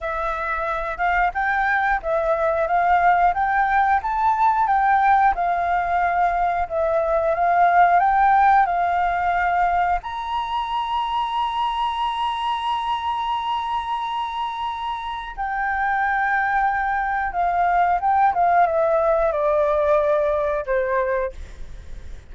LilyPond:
\new Staff \with { instrumentName = "flute" } { \time 4/4 \tempo 4 = 90 e''4. f''8 g''4 e''4 | f''4 g''4 a''4 g''4 | f''2 e''4 f''4 | g''4 f''2 ais''4~ |
ais''1~ | ais''2. g''4~ | g''2 f''4 g''8 f''8 | e''4 d''2 c''4 | }